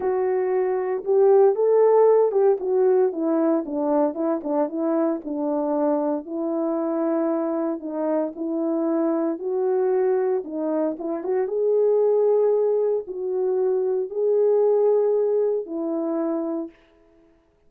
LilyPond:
\new Staff \with { instrumentName = "horn" } { \time 4/4 \tempo 4 = 115 fis'2 g'4 a'4~ | a'8 g'8 fis'4 e'4 d'4 | e'8 d'8 e'4 d'2 | e'2. dis'4 |
e'2 fis'2 | dis'4 e'8 fis'8 gis'2~ | gis'4 fis'2 gis'4~ | gis'2 e'2 | }